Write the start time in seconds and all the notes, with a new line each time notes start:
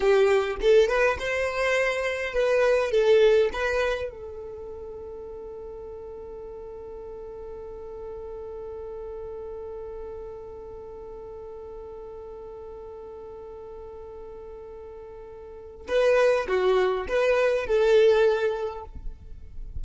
0.00 G4
0.61 A4
0.88 B4
1.19 C5
2.33 B4
2.91 A4
3.53 B4
4.10 A4
15.88 B4
16.48 F#4
17.08 B4
17.66 A4